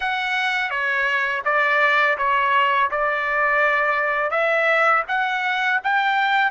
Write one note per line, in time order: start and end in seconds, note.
0.00 0.70 F#5
0.70 1.42 C#5
1.45 2.17 D5
2.17 2.89 C#5
2.90 4.30 D5
4.30 5.03 E5
5.08 5.80 F#5
5.83 6.51 G5